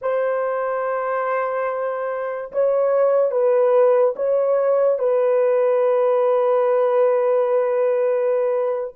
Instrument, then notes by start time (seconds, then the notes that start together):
horn
0.01 C5
2.52 C#5
3.31 B4
4.16 C#5
4.98 B4